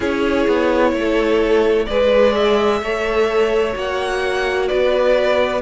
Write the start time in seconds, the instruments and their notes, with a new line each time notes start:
0.00 cello C#4, viola E4, violin G#4 C#5
0.47 cello B3
0.93 cello A3, violin A4
1.85 cello G#3, viola G#4, violin B4 D5
2.35 violin E5
2.81 cello A3, viola A4, violin C#5
3.73 cello A#3, viola F#4, violin F#5
4.68 cello B3, violin B4 D5